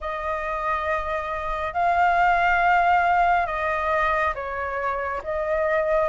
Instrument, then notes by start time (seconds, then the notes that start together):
flute
0.00 D#5
1.73 F5
3.46 D#5
4.34 C#5
5.23 D#5